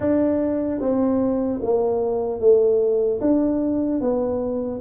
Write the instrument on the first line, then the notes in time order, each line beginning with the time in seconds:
tuba
0.00 D4
0.80 C4
1.62 A#3
2.40 A3
3.20 D4
4.00 B3